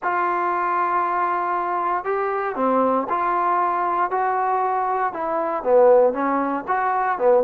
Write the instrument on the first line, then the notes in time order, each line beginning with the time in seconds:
trombone
0.02 F4
2.04 G4
2.55 C4
3.09 F4
4.10 F#4
5.13 E4
5.63 B3
6.13 C#4
6.67 F#4
7.18 B3